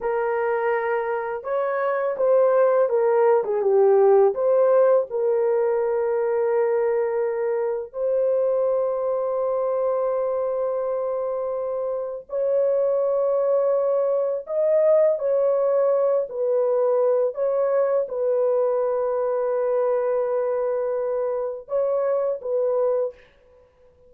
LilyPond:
\new Staff \with { instrumentName = "horn" } { \time 4/4 \tempo 4 = 83 ais'2 cis''4 c''4 | ais'8. gis'16 g'4 c''4 ais'4~ | ais'2. c''4~ | c''1~ |
c''4 cis''2. | dis''4 cis''4. b'4. | cis''4 b'2.~ | b'2 cis''4 b'4 | }